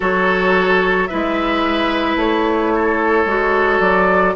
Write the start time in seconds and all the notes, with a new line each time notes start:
0.00 F#3 F#4 A4 C#5
1.07 E4 B4 E5
1.13 G#3
2.15 A3 C#5
2.74 A4
3.25 G#3 F#4
3.80 F#3 D5